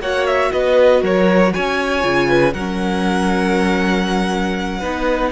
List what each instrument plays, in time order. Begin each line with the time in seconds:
0.00 cello A#3, viola F#4, violin C#5 F#5
0.27 violin E5
0.52 cello B3, violin B4 D#5
1.03 cello F#3, violin A#4 C#5
1.54 cello C#4, violin C#5 G#5
2.01 cello C#3, viola F4
2.29 violin B4
2.54 cello F#3, viola C#4, violin A#4 F#5
4.79 cello B3, viola D#4, violin B4